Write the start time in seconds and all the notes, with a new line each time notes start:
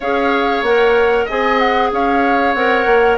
0.00 C#4 G#4 C#5 F5
0.62 A#3 A#4 F#5
1.25 C4 G#4 D#5 G#5
1.59 F#5
1.91 C#4 C#5 F5
2.54 C4 A#4 F#5
2.86 A#3